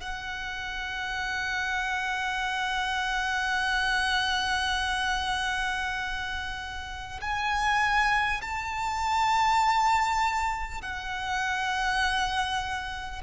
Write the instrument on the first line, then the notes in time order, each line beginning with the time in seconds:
violin
0.00 F#5
7.21 G#5
8.41 A5
10.82 F#5